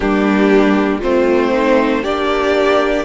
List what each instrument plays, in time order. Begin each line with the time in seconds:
0.00 cello G3, viola A#3, violin D4 G4
0.99 cello A3, violin C4 C5, viola F4
1.51 viola D#4
2.02 cello A#3, viola D4, violin G4 D5